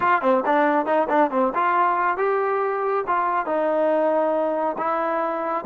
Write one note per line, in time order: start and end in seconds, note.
0.00 0.21 F4
0.21 0.43 C4
0.45 0.86 D4
0.86 1.07 D#4
1.09 1.30 D4
1.30 1.52 C4
1.54 2.17 F4
2.17 3.04 G4
3.07 3.46 F4
3.46 4.76 D#4
4.77 5.64 E4